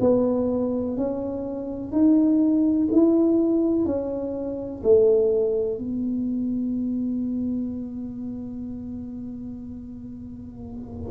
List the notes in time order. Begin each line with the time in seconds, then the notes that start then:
0.00 B3
0.97 C#4
1.91 D#4
2.92 E4
3.85 C#4
4.83 A3
5.78 B3